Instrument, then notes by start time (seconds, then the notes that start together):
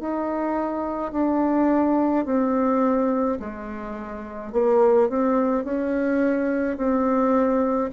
bassoon
0.00 D#4
1.12 D4
2.25 C4
3.40 G#3
4.52 A#3
5.09 C4
5.64 C#4
6.77 C4